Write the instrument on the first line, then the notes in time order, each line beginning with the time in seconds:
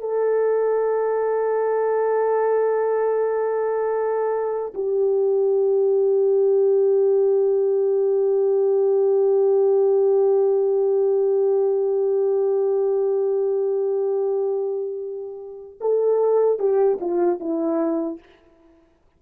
horn
0.00 A4
4.74 G4
15.81 A4
16.59 G4
17.01 F4
17.40 E4